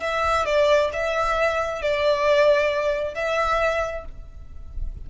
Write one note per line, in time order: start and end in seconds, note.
0.00 0.45 E5
0.45 0.90 D5
0.93 1.82 E5
1.82 3.14 D5
3.14 4.05 E5